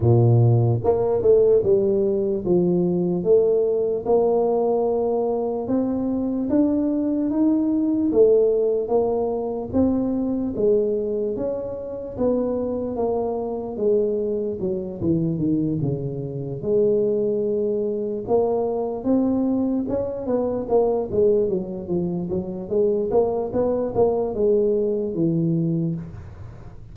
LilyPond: \new Staff \with { instrumentName = "tuba" } { \time 4/4 \tempo 4 = 74 ais,4 ais8 a8 g4 f4 | a4 ais2 c'4 | d'4 dis'4 a4 ais4 | c'4 gis4 cis'4 b4 |
ais4 gis4 fis8 e8 dis8 cis8~ | cis8 gis2 ais4 c'8~ | c'8 cis'8 b8 ais8 gis8 fis8 f8 fis8 | gis8 ais8 b8 ais8 gis4 e4 | }